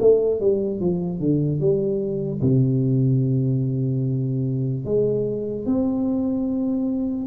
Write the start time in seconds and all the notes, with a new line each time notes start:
0.00 A3
0.40 G3
0.80 F3
1.19 D3
1.60 G3
2.41 C3
4.85 G#3
5.65 C4